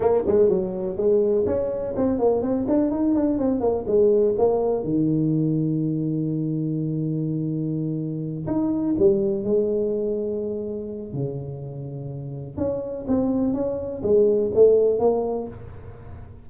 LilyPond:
\new Staff \with { instrumentName = "tuba" } { \time 4/4 \tempo 4 = 124 ais8 gis8 fis4 gis4 cis'4 | c'8 ais8 c'8 d'8 dis'8 d'8 c'8 ais8 | gis4 ais4 dis2~ | dis1~ |
dis4. dis'4 g4 gis8~ | gis2. cis4~ | cis2 cis'4 c'4 | cis'4 gis4 a4 ais4 | }